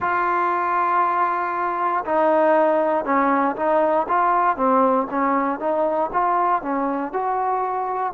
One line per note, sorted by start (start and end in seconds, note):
0.00 2.04 F4
2.05 3.05 D#4
3.05 3.55 C#4
3.55 4.06 D#4
4.08 4.56 F4
4.56 5.07 C4
5.10 5.59 C#4
5.59 6.10 D#4
6.12 6.61 F4
6.61 7.12 C#4
7.12 8.13 F#4